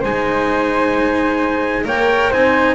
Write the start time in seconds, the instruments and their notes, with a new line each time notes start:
0.00 double bass G#3, cello D#4, flute C5, trumpet G#5
1.85 double bass A#3, cello A#4, flute C#5, trumpet G5
2.30 double bass C4, cello D#4, flute C5, trumpet G#5